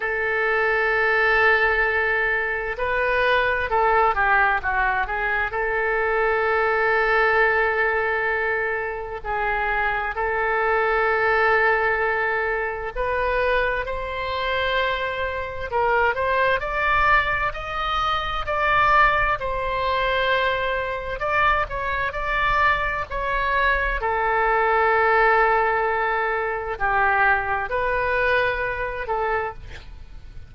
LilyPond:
\new Staff \with { instrumentName = "oboe" } { \time 4/4 \tempo 4 = 65 a'2. b'4 | a'8 g'8 fis'8 gis'8 a'2~ | a'2 gis'4 a'4~ | a'2 b'4 c''4~ |
c''4 ais'8 c''8 d''4 dis''4 | d''4 c''2 d''8 cis''8 | d''4 cis''4 a'2~ | a'4 g'4 b'4. a'8 | }